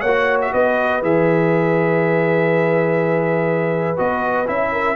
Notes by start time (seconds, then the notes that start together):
0.00 A#3 C#5 F#5
0.07 F#4
0.41 E5
0.52 B3 B4 D#5
1.02 E3 G#4 E5
3.97 B3 F#4 D#5
4.47 C#4 E4 E5
4.72 A#4